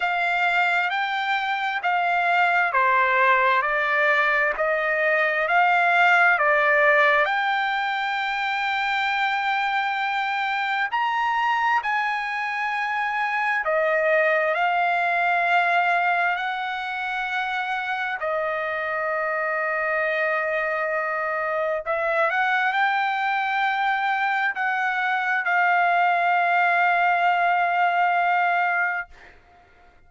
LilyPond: \new Staff \with { instrumentName = "trumpet" } { \time 4/4 \tempo 4 = 66 f''4 g''4 f''4 c''4 | d''4 dis''4 f''4 d''4 | g''1 | ais''4 gis''2 dis''4 |
f''2 fis''2 | dis''1 | e''8 fis''8 g''2 fis''4 | f''1 | }